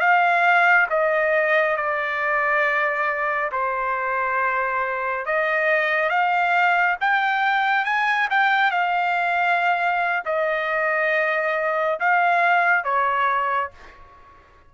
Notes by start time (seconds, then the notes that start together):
0.00 F5
0.90 D#5
1.76 D5
3.52 C5
5.26 D#5
6.09 F5
7.00 G5
7.85 G#5
8.30 G5
8.71 F5
10.25 D#5
12.00 F5
12.84 C#5